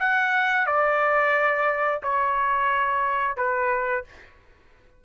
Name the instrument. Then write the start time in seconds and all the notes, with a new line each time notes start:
trumpet
0.00 F#5
0.67 D5
2.03 C#5
3.37 B4